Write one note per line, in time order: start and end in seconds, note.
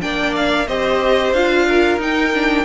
0.00 0.67 A#3
0.00 0.66 D4
0.00 0.67 D5
0.00 0.34 G5
0.35 0.67 F5
0.67 1.32 C4
0.67 1.34 G4
0.67 1.66 C5
0.67 1.33 D#5
1.32 1.97 D4
1.32 1.99 F4
1.32 1.99 F5
1.67 2.65 A#4
1.97 2.63 D#4
1.97 2.32 D#4
1.97 2.65 G5
2.33 2.65 D4